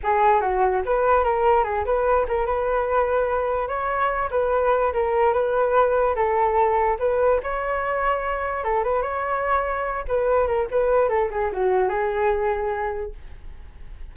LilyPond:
\new Staff \with { instrumentName = "flute" } { \time 4/4 \tempo 4 = 146 gis'4 fis'4 b'4 ais'4 | gis'8 b'4 ais'8 b'2~ | b'4 cis''4. b'4. | ais'4 b'2 a'4~ |
a'4 b'4 cis''2~ | cis''4 a'8 b'8 cis''2~ | cis''8 b'4 ais'8 b'4 a'8 gis'8 | fis'4 gis'2. | }